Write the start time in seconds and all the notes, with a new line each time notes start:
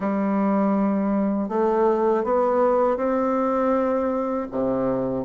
0.00 G3
1.49 A3
2.24 B3
2.97 C4
4.51 C3